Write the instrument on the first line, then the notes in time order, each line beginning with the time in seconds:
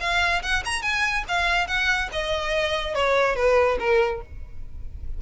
violin
0.00 F5
0.42 F#5
0.65 A#5
0.82 G#5
1.28 F5
1.67 F#5
2.12 D#5
2.94 C#5
3.35 B4
3.79 A#4